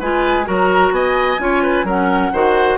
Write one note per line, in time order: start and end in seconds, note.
0.00 0.48 G#3
0.00 0.45 F4
0.00 0.47 B4
0.00 0.49 G#5
0.45 0.91 F#3
0.45 1.38 F#4
0.45 0.94 A#4
0.52 0.94 A#5
0.91 1.38 B3
0.91 1.42 D#5
0.91 1.87 G#5
1.39 1.85 C#4
1.39 1.86 F4
1.39 1.63 C#5
1.63 1.86 B4
1.85 2.31 F#3
1.85 2.33 C#4
1.85 2.33 A#4
1.85 2.78 F#5
2.33 2.78 D#3
2.33 2.78 F#4
2.33 2.78 C5